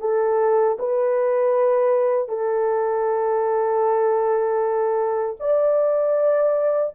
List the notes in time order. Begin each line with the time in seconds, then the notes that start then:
0.00 A4
0.79 B4
2.28 A4
5.40 D5